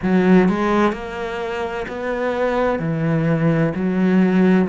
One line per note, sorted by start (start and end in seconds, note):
0.02 0.48 F#3
0.48 0.92 G#3
0.92 1.86 A#3
1.87 2.79 B3
2.79 3.73 E3
3.75 4.68 F#3